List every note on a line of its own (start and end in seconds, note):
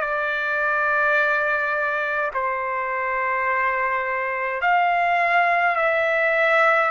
0.00 2.31 D5
2.33 4.61 C5
4.61 5.75 F5
5.75 6.90 E5